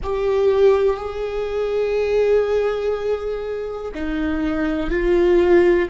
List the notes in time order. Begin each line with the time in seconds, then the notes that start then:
0.03 G4
0.97 G#4
3.94 D#4
4.90 F4